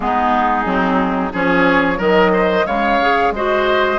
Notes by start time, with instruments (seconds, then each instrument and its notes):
0.00 bassoon G#3, clarinet B3, oboe D#4, flute G#4
0.65 bassoon F#3, clarinet C4
1.32 bassoon F3, clarinet C#4, oboe G#4, flute C#5
1.96 bassoon D#3, clarinet F#3, oboe A#4, flute D#5
2.33 oboe C5
2.65 bassoon C#3, clarinet G#3, oboe C#5, flute F5
3.01 clarinet G#4
3.31 bassoon G#3, clarinet F#4, oboe C5, flute D#5